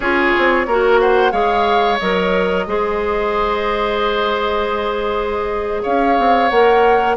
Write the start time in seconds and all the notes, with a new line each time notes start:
0.00 C#4 F4 G#4 C#5
0.37 C4
0.66 A#3 F#4 A#4
0.99 C5 F#5
1.31 G#3 G#4 C#5 F5
1.98 F#3 A#4 D#5
2.66 G#3 G#4 C5
5.82 C#4 C#5 F5
6.18 C4
6.48 A#3 A#4 F#5